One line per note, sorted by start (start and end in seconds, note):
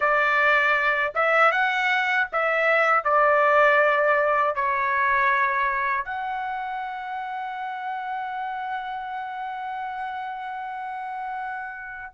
0.00 1.13 D5
1.15 1.51 E5
1.51 2.27 F#5
2.32 3.04 E5
3.04 4.55 D5
4.55 6.04 C#5
6.04 12.12 F#5